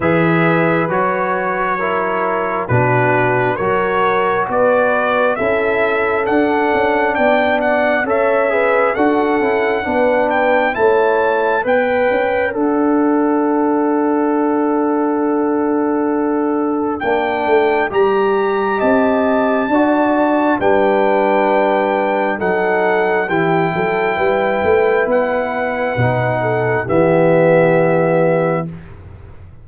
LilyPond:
<<
  \new Staff \with { instrumentName = "trumpet" } { \time 4/4 \tempo 4 = 67 e''4 cis''2 b'4 | cis''4 d''4 e''4 fis''4 | g''8 fis''8 e''4 fis''4. g''8 | a''4 g''4 fis''2~ |
fis''2. g''4 | ais''4 a''2 g''4~ | g''4 fis''4 g''2 | fis''2 e''2 | }
  \new Staff \with { instrumentName = "horn" } { \time 4/4 b'2 ais'4 fis'4 | ais'4 b'4 a'2 | d''4 cis''8 b'8 a'4 b'4 | cis''4 d''2.~ |
d''1~ | d''4 dis''4 d''4 b'4~ | b'4 a'4 g'8 a'8 b'4~ | b'4. a'8 g'2 | }
  \new Staff \with { instrumentName = "trombone" } { \time 4/4 gis'4 fis'4 e'4 d'4 | fis'2 e'4 d'4~ | d'4 a'8 gis'8 fis'8 e'8 d'4 | e'4 b'4 a'2~ |
a'2. d'4 | g'2 fis'4 d'4~ | d'4 dis'4 e'2~ | e'4 dis'4 b2 | }
  \new Staff \with { instrumentName = "tuba" } { \time 4/4 e4 fis2 b,4 | fis4 b4 cis'4 d'8 cis'8 | b4 cis'4 d'8 cis'8 b4 | a4 b8 cis'8 d'2~ |
d'2. ais8 a8 | g4 c'4 d'4 g4~ | g4 fis4 e8 fis8 g8 a8 | b4 b,4 e2 | }
>>